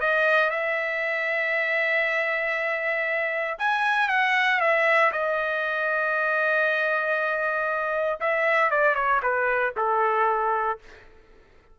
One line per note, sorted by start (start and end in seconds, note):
0.00 0.50 D#5
0.50 3.57 E5
3.58 4.08 G#5
4.08 4.60 F#5
4.60 5.11 E5
5.12 8.20 D#5
8.20 8.70 E5
8.70 8.94 D5
8.94 9.20 C#5
9.22 9.73 B4
9.76 10.79 A4